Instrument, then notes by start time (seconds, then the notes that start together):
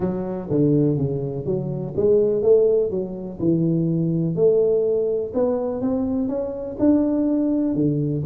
tuba
0.00 F#3
0.50 D3
0.97 C#3
1.45 F#3
1.96 G#3
2.42 A3
2.90 F#3
3.39 E3
4.35 A3
5.34 B3
5.81 C4
6.28 C#4
6.79 D4
7.74 D3